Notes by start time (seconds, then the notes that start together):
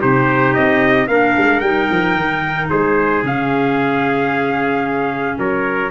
0.00 C3 D#4 G4 C5
0.54 C4 D#5
1.07 A#3 D4 A#4 F5
1.37 G#3
1.60 G3 D#4 G5
1.91 F3
2.15 D#3
2.70 G#3 G#4 C5
3.23 C#3 C#4 F5
5.38 F#3 A#4 C#5